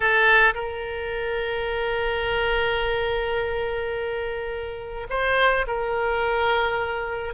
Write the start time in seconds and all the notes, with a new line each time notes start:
0.00 A4
0.54 A#4
5.09 C5
5.67 A#4